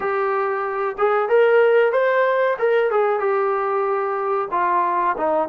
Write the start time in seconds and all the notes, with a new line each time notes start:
0.00 G4
0.97 G#4
1.28 A#4
1.92 C5
2.58 A#4
2.91 G#4
3.19 G4
4.51 F4
5.17 D#4